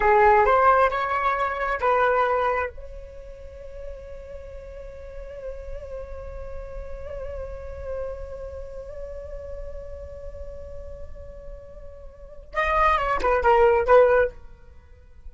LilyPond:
\new Staff \with { instrumentName = "flute" } { \time 4/4 \tempo 4 = 134 gis'4 c''4 cis''2 | b'2 cis''2~ | cis''1~ | cis''1~ |
cis''1~ | cis''1~ | cis''1 | dis''4 cis''8 b'8 ais'4 b'4 | }